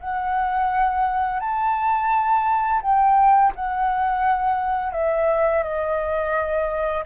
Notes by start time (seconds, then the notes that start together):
0.00 F#5
1.40 A5
2.82 G5
3.55 F#5
4.93 E5
5.63 D#5